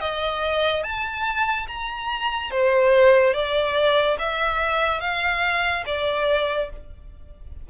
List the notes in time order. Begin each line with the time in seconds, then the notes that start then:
0.00 D#5
0.83 A5
1.68 A#5
2.51 C5
3.34 D5
4.19 E5
5.00 F5
5.86 D5